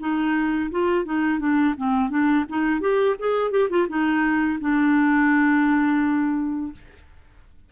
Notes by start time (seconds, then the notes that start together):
0.00 D#4
0.71 F4
1.05 D#4
1.40 D4
1.78 C4
2.10 D4
2.49 D#4
2.81 G4
3.20 G#4
3.51 G4
3.70 F4
3.89 D#4
4.61 D4